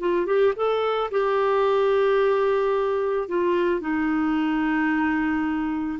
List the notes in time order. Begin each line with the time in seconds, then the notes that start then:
0.00 F4
0.26 G4
0.56 A4
1.11 G4
3.28 F4
3.80 D#4